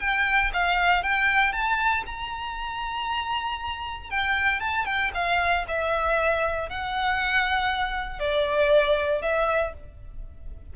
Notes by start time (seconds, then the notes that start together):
0.00 G5
0.54 F5
1.03 G5
1.53 A5
2.07 A#5
4.10 G5
4.60 A5
4.86 G5
5.14 F5
5.68 E5
6.70 F#5
8.20 D5
9.22 E5